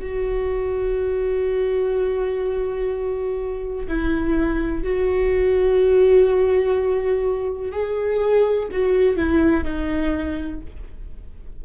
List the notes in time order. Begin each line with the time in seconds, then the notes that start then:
0.00 F#4
3.88 E4
4.83 F#4
7.72 G#4
8.72 F#4
9.17 E4
9.64 D#4